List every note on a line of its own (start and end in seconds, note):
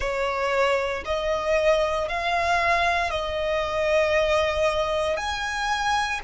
0.00 1.03 C#5
1.05 2.08 D#5
2.08 3.10 F5
3.10 5.17 D#5
5.17 6.20 G#5